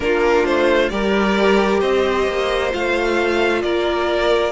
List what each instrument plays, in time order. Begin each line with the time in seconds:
0.00 cello A#3, viola D4, violin F4 A#4
0.45 cello A3, violin C5
0.89 cello G3, viola G4, violin A#4 D5
1.80 cello C4, violin C5 D#5
2.27 cello A#3
2.70 cello A3, viola F4, violin F5
3.62 cello A#3, violin A#4 D5